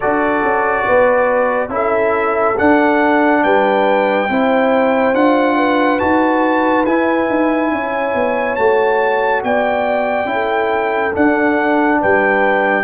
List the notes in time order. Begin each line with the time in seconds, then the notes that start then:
0.00 D4 F#4 A4 D5
0.43 C#4
0.85 B3 B4
1.68 C#4 E4 A4
1.74 E5
2.57 D4 F#5
3.43 G3 B4 G5
4.29 C4 E4 C5
5.14 D4 F4 F#5
5.56 B4
5.99 D#4 F#4 A5
6.85 E4 G#5
7.29 D#4
7.71 C#4 C#5
8.14 B3
8.55 A3 F#4 A5
9.43 B3 D5 G5
10.25 C#4 E4
10.32 A4
11.12 D4 F#5
12.00 G3 B4 G5